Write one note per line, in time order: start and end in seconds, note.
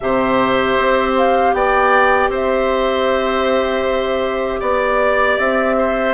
0.00 0.78 C3
0.00 6.14 G4
0.00 1.55 C5
0.00 1.13 E5
0.78 1.53 C4
1.17 1.53 F5
1.53 2.29 B3
1.53 2.30 D5
1.53 2.30 G5
2.29 4.60 C4
2.29 4.60 C5
2.29 4.63 E5
4.60 5.38 B3
4.60 5.75 D5
4.60 5.38 D5
5.38 6.14 C4
5.38 6.14 E5
5.77 6.14 C5